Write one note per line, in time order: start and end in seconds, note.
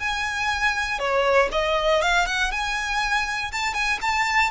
0.00 0.99 G#5
0.99 1.49 C#5
1.52 2.02 D#5
2.02 2.26 F5
2.26 2.51 F#5
2.51 3.51 G#5
3.52 3.74 A5
3.74 3.99 G#5
4.01 4.51 A5